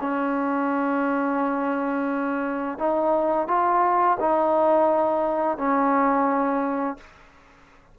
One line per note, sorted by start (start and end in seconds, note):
0.00 2.78 C#4
2.78 3.48 D#4
3.48 4.17 F4
4.20 5.57 D#4
5.57 6.97 C#4